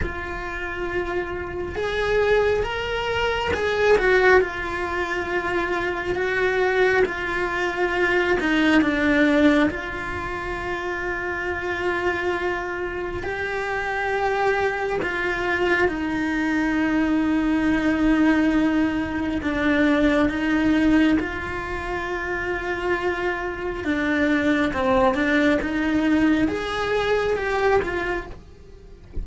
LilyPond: \new Staff \with { instrumentName = "cello" } { \time 4/4 \tempo 4 = 68 f'2 gis'4 ais'4 | gis'8 fis'8 f'2 fis'4 | f'4. dis'8 d'4 f'4~ | f'2. g'4~ |
g'4 f'4 dis'2~ | dis'2 d'4 dis'4 | f'2. d'4 | c'8 d'8 dis'4 gis'4 g'8 f'8 | }